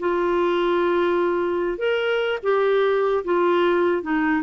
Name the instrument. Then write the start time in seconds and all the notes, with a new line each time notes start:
clarinet
0.00 F4
1.78 A#4
2.43 G4
3.25 F4
4.03 D#4